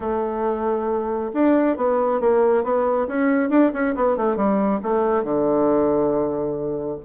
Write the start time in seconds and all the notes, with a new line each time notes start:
0.00 A3
1.33 D4
1.76 B3
2.20 A#3
2.63 B3
3.07 C#4
3.49 D4
3.73 C#4
3.95 B3
4.16 A3
4.36 G3
4.83 A3
5.23 D3